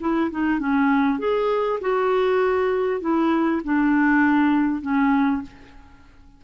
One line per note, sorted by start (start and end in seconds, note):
0.00 0.30 E4
0.31 0.59 D#4
0.59 1.19 C#4
1.19 1.80 G#4
1.81 3.01 F#4
3.01 3.61 E4
3.64 4.82 D4
4.82 5.42 C#4